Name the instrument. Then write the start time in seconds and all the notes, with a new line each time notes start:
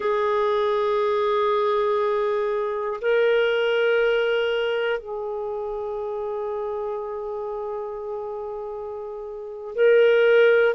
clarinet
0.00 G#4
3.00 A#4
5.00 G#4
9.75 A#4